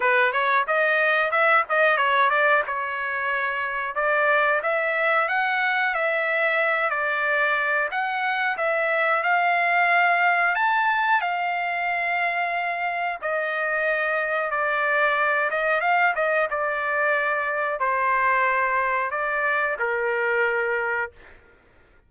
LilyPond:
\new Staff \with { instrumentName = "trumpet" } { \time 4/4 \tempo 4 = 91 b'8 cis''8 dis''4 e''8 dis''8 cis''8 d''8 | cis''2 d''4 e''4 | fis''4 e''4. d''4. | fis''4 e''4 f''2 |
a''4 f''2. | dis''2 d''4. dis''8 | f''8 dis''8 d''2 c''4~ | c''4 d''4 ais'2 | }